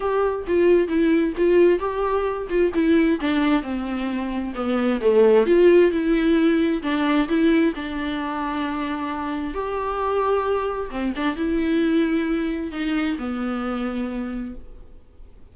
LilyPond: \new Staff \with { instrumentName = "viola" } { \time 4/4 \tempo 4 = 132 g'4 f'4 e'4 f'4 | g'4. f'8 e'4 d'4 | c'2 b4 a4 | f'4 e'2 d'4 |
e'4 d'2.~ | d'4 g'2. | c'8 d'8 e'2. | dis'4 b2. | }